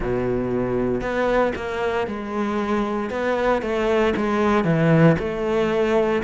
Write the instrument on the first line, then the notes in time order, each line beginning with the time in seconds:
cello
0.00 B2
1.01 B3
1.55 A#3
2.07 G#3
3.10 B3
3.62 A3
4.16 G#3
4.64 E3
5.19 A3